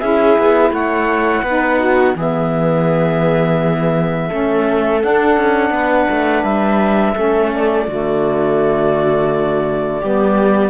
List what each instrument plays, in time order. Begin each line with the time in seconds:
0.00 cello C#4, saxophone E4, viola G#4, clarinet E5
0.39 cello B3
0.71 cello A3, viola C#5, clarinet F#5
1.43 cello B3, saxophone D#4, viola B4
1.79 viola F#4
2.16 cello E3, saxophone B3, viola G#4, clarinet E5
4.29 cello A3, saxophone C#4, viola A4
5.01 saxophone D4, cello D4, clarinet F#5
5.37 cello C#4
5.71 cello B3, viola B4
6.11 cello A3
6.44 cello G3, clarinet E5
7.15 cello A3, saxophone C#4, viola A4
7.55 clarinet D5
7.87 cello D3, saxophone A3, viola F#4
10.01 cello G3, saxophone B3, viola G4